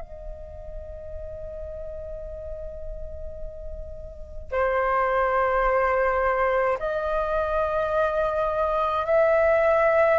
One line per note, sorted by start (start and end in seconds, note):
0.00 4.51 D#5
4.51 6.78 C5
6.79 9.06 D#5
9.06 10.18 E5